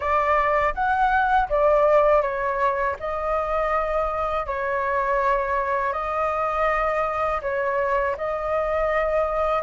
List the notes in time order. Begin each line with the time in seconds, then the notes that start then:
0.00 D5
0.74 F#5
1.49 D5
2.22 C#5
2.99 D#5
4.46 C#5
5.92 D#5
7.41 C#5
8.17 D#5